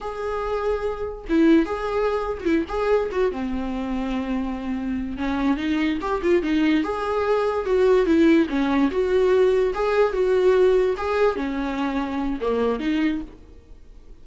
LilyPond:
\new Staff \with { instrumentName = "viola" } { \time 4/4 \tempo 4 = 145 gis'2. e'4 | gis'4.~ gis'16 fis'16 e'8 gis'4 fis'8 | c'1~ | c'8 cis'4 dis'4 g'8 f'8 dis'8~ |
dis'8 gis'2 fis'4 e'8~ | e'8 cis'4 fis'2 gis'8~ | gis'8 fis'2 gis'4 cis'8~ | cis'2 ais4 dis'4 | }